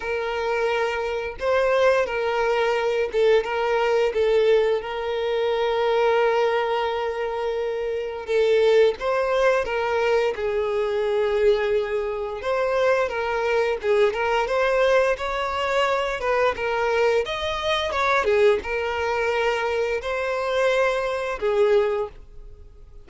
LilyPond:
\new Staff \with { instrumentName = "violin" } { \time 4/4 \tempo 4 = 87 ais'2 c''4 ais'4~ | ais'8 a'8 ais'4 a'4 ais'4~ | ais'1 | a'4 c''4 ais'4 gis'4~ |
gis'2 c''4 ais'4 | gis'8 ais'8 c''4 cis''4. b'8 | ais'4 dis''4 cis''8 gis'8 ais'4~ | ais'4 c''2 gis'4 | }